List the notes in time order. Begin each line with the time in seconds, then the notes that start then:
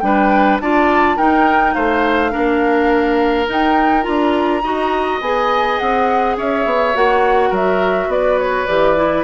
0.00 G3 D4 B4 G5
0.60 D4 F4 D5 A5
1.16 D#4 A#4 G5
1.74 A3 C5 F5
2.31 A#3 D4 A#4
3.47 D#4 G5
4.03 D4 F4 A#5
4.63 D#4 F#4 D#5
5.21 B3 G#4 G#5
5.78 C4 F#5
6.37 C#4 C#5 E5
6.65 B3
6.95 A#3 F#4 F#5
7.50 F#3 A#4 E5
8.08 B3 B4 D5
8.39 C#5
8.66 E3 G4 D5
8.96 E4